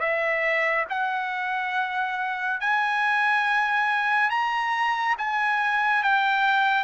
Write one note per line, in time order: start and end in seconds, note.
0.00 0.86 E5
0.90 2.61 F#5
2.61 4.31 G#5
4.31 5.16 A#5
5.19 6.04 G#5
6.04 6.85 G5